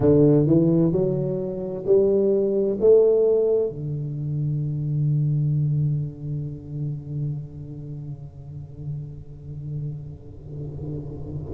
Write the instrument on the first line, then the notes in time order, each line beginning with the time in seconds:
tuba
0.00 D3
0.47 E3
0.92 F#3
1.85 G3
2.80 A3
3.69 D3